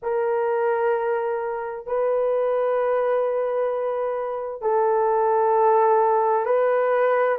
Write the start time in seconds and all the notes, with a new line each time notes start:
0.02 A#4
1.86 B4
4.61 A4
6.45 B4